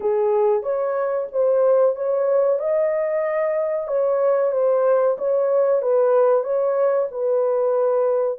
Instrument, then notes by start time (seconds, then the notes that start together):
horn
0.00 G#4
0.62 C#5
1.32 C5
1.95 C#5
2.59 D#5
3.87 C#5
4.52 C5
5.18 C#5
5.82 B4
6.43 C#5
7.11 B4